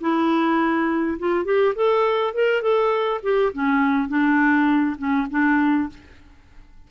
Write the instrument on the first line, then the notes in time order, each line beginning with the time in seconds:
clarinet
0.00 E4
1.18 F4
1.45 G4
1.75 A4
2.34 A#4
2.62 A4
3.23 G4
3.53 C#4
4.08 D4
4.98 C#4
5.30 D4